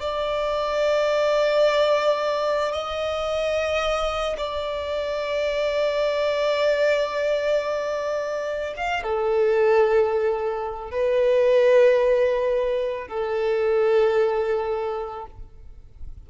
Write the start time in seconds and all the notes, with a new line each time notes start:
0.00 D5
2.73 D#5
4.37 D5
8.77 F5
9.03 A4
10.91 B4
13.08 A4